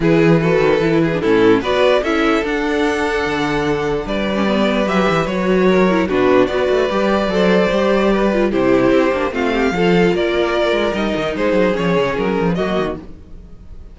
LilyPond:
<<
  \new Staff \with { instrumentName = "violin" } { \time 4/4 \tempo 4 = 148 b'2. a'4 | d''4 e''4 fis''2~ | fis''2 d''2 | e''4 cis''2 b'4 |
d''1~ | d''4 c''2 f''4~ | f''4 d''2 dis''4 | c''4 cis''4 ais'4 dis''4 | }
  \new Staff \with { instrumentName = "violin" } { \time 4/4 gis'4 a'4. gis'8 e'4 | b'4 a'2.~ | a'2 b'2~ | b'2 ais'4 fis'4 |
b'2 c''2 | b'4 g'2 f'8 g'8 | a'4 ais'2. | gis'2. fis'4 | }
  \new Staff \with { instrumentName = "viola" } { \time 4/4 e'4 fis'4 e'8. d'16 cis'4 | fis'4 e'4 d'2~ | d'2~ d'8. cis'16 b4 | g'4 fis'4. e'8 d'4 |
fis'4 g'4 a'4 g'4~ | g'8 f'8 e'4. d'8 c'4 | f'2. dis'4~ | dis'4 cis'2 ais4 | }
  \new Staff \with { instrumentName = "cello" } { \time 4/4 e4. dis8 e4 a,4 | b4 cis'4 d'2 | d2 g2 | fis8 e8 fis2 b,4 |
b8 a8 g4 fis4 g4~ | g4 c4 c'8 ais8 a4 | f4 ais4. gis8 g8 dis8 | gis8 fis8 f8 cis8 fis8 f8 fis8 dis8 | }
>>